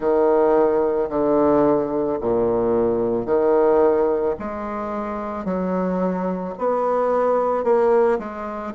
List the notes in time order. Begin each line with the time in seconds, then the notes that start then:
0.00 D#3
1.09 D3
2.21 A#2
3.25 D#3
4.39 G#3
5.44 F#3
6.58 B3
7.64 A#3
8.18 G#3